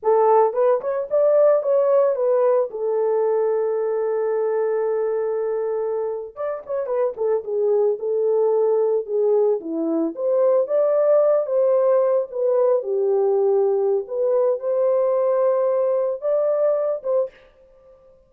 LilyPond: \new Staff \with { instrumentName = "horn" } { \time 4/4 \tempo 4 = 111 a'4 b'8 cis''8 d''4 cis''4 | b'4 a'2.~ | a'2.~ a'8. d''16~ | d''16 cis''8 b'8 a'8 gis'4 a'4~ a'16~ |
a'8. gis'4 e'4 c''4 d''16~ | d''4~ d''16 c''4. b'4 g'16~ | g'2 b'4 c''4~ | c''2 d''4. c''8 | }